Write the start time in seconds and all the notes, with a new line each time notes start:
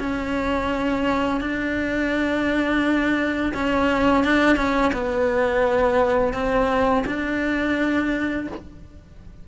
0.00 C#4
1.41 D4
3.54 C#4
4.25 D4
4.57 C#4
4.94 B3
6.34 C4
7.07 D4